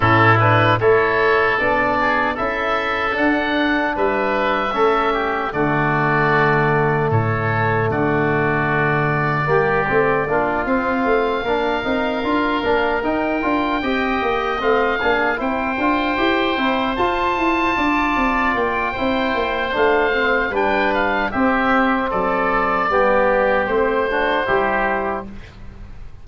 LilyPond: <<
  \new Staff \with { instrumentName = "oboe" } { \time 4/4 \tempo 4 = 76 a'8 b'8 cis''4 d''4 e''4 | fis''4 e''2 d''4~ | d''4 cis''4 d''2~ | d''4. f''2~ f''8~ |
f''8 g''2 f''4 g''8~ | g''4. a''2 g''8~ | g''4 f''4 g''8 f''8 e''4 | d''2 c''2 | }
  \new Staff \with { instrumentName = "oboe" } { \time 4/4 e'4 a'4. gis'8 a'4~ | a'4 b'4 a'8 g'8 fis'4~ | fis'4 a'4 fis'2 | g'4 f'4. ais'4.~ |
ais'4. dis''4. gis'8 c''8~ | c''2~ c''8 d''4. | c''2 b'4 g'4 | a'4 g'4. fis'8 g'4 | }
  \new Staff \with { instrumentName = "trombone" } { \time 4/4 cis'8 d'8 e'4 d'4 e'4 | d'2 cis'4 a4~ | a1 | ais8 c'8 d'8 c'4 d'8 dis'8 f'8 |
d'8 dis'8 f'8 g'4 c'8 d'8 e'8 | f'8 g'8 e'8 f'2~ f'8 | e'4 d'8 c'8 d'4 c'4~ | c'4 b4 c'8 d'8 e'4 | }
  \new Staff \with { instrumentName = "tuba" } { \time 4/4 a,4 a4 b4 cis'4 | d'4 g4 a4 d4~ | d4 a,4 d2 | g8 a8 ais8 c'8 a8 ais8 c'8 d'8 |
ais8 dis'8 d'8 c'8 ais8 a8 ais8 c'8 | d'8 e'8 c'8 f'8 e'8 d'8 c'8 ais8 | c'8 ais8 a4 g4 c'4 | fis4 g4 a4 g4 | }
>>